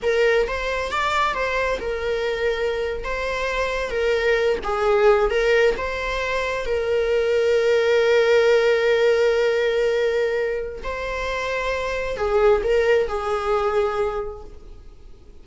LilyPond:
\new Staff \with { instrumentName = "viola" } { \time 4/4 \tempo 4 = 133 ais'4 c''4 d''4 c''4 | ais'2~ ais'8. c''4~ c''16~ | c''8. ais'4. gis'4. ais'16~ | ais'8. c''2 ais'4~ ais'16~ |
ais'1~ | ais'1 | c''2. gis'4 | ais'4 gis'2. | }